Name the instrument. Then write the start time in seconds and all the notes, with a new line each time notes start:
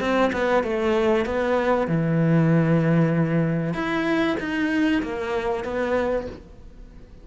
cello
0.00 C4
0.32 B3
0.63 A3
1.25 B3
1.87 E3
3.74 E4
4.39 D#4
5.02 A#3
5.64 B3